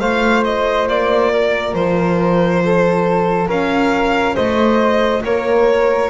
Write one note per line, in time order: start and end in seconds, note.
0.00 0.87 A3
0.00 6.09 F4
0.00 1.31 C5
0.00 0.43 F5
0.44 0.87 D#5
0.87 1.74 A#3
0.87 1.74 D5
1.33 2.63 A#4
1.74 3.47 F3
1.74 3.48 C5
2.65 3.47 A4
3.47 4.35 C#4
3.47 4.34 A#4
3.47 4.36 F5
4.35 5.24 A3
4.35 5.22 C5
4.35 5.22 D#5
5.24 6.09 A#3
5.24 6.09 A#4
5.24 6.09 C#5